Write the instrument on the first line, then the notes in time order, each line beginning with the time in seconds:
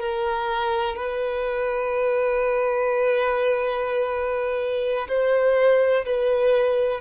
violin
0.00 A#4
0.96 B4
5.08 C5
6.06 B4